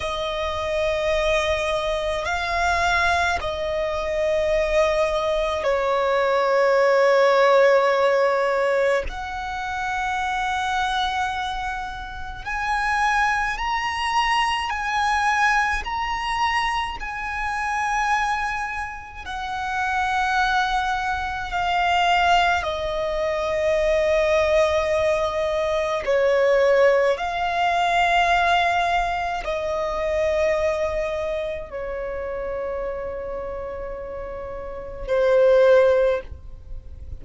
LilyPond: \new Staff \with { instrumentName = "violin" } { \time 4/4 \tempo 4 = 53 dis''2 f''4 dis''4~ | dis''4 cis''2. | fis''2. gis''4 | ais''4 gis''4 ais''4 gis''4~ |
gis''4 fis''2 f''4 | dis''2. cis''4 | f''2 dis''2 | cis''2. c''4 | }